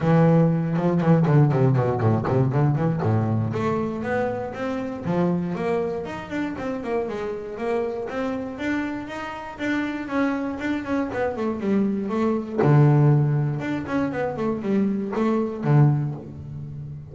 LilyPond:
\new Staff \with { instrumentName = "double bass" } { \time 4/4 \tempo 4 = 119 e4. f8 e8 d8 c8 b,8 | a,8 c8 d8 e8 a,4 a4 | b4 c'4 f4 ais4 | dis'8 d'8 c'8 ais8 gis4 ais4 |
c'4 d'4 dis'4 d'4 | cis'4 d'8 cis'8 b8 a8 g4 | a4 d2 d'8 cis'8 | b8 a8 g4 a4 d4 | }